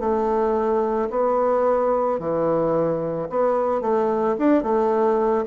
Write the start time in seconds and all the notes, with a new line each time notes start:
0.00 A3
1.10 B3
2.19 E3
3.30 B3
3.81 A3
4.38 D4
4.63 A3